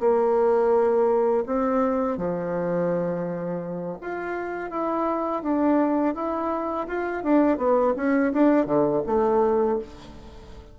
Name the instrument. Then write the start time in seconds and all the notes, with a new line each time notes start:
bassoon
0.00 A#3
1.47 C4
2.18 F3
4.01 F4
4.71 E4
5.43 D4
6.15 E4
6.88 F4
7.24 D4
7.58 B3
7.96 C#4
8.33 D4
8.66 D3
9.06 A3